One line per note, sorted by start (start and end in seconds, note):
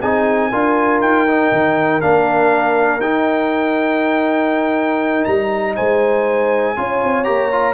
0.00 0.52 C4
0.00 0.52 D#4
0.00 0.50 G#4
0.00 1.01 G#5
0.50 1.01 D4
0.50 1.27 F4
0.50 5.75 A#4
1.01 1.51 D#4
1.01 2.01 G5
1.27 2.01 D#4
1.52 2.02 D#3
2.01 2.99 A#3
2.01 3.01 D4
2.01 3.01 F5
2.99 5.24 D#4
2.99 6.77 D#4
2.99 5.24 G5
5.24 5.77 G3
5.24 5.74 A#5
5.76 6.77 G#3
5.76 6.76 C5
5.76 7.24 G#5
6.77 7.02 C#4
6.77 7.24 F4
6.77 7.74 C#5
7.02 7.27 C4
7.24 7.74 A#3
7.24 7.49 G4
7.24 7.74 A#5
7.52 7.74 F4